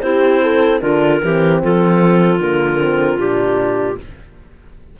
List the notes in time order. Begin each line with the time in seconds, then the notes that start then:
0.00 C4 E4 G4 C5
0.42 A4
0.80 D3 D4 F4 A#4
1.21 E3 C4 G4
1.62 F3 F4 A4
2.39 D3 A#3 A#4
2.79 C4
3.17 A#2 D4 G4